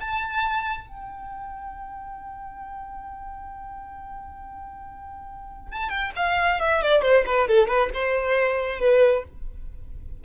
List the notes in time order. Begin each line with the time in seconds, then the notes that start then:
0.00 A5
0.88 G5
5.72 A5
5.89 G5
6.16 F5
6.60 E5
6.82 D5
7.02 C5
7.26 B4
7.48 A4
7.67 B4
7.94 C5
8.80 B4